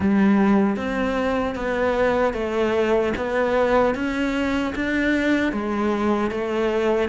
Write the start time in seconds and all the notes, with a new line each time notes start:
0.00 G3
0.76 C4
1.55 B3
2.33 A3
3.16 B3
3.95 C#4
4.75 D4
5.52 G#3
6.31 A3